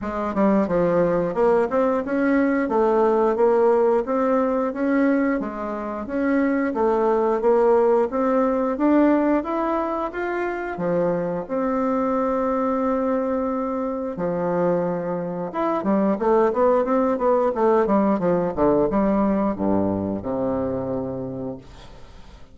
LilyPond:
\new Staff \with { instrumentName = "bassoon" } { \time 4/4 \tempo 4 = 89 gis8 g8 f4 ais8 c'8 cis'4 | a4 ais4 c'4 cis'4 | gis4 cis'4 a4 ais4 | c'4 d'4 e'4 f'4 |
f4 c'2.~ | c'4 f2 e'8 g8 | a8 b8 c'8 b8 a8 g8 f8 d8 | g4 g,4 c2 | }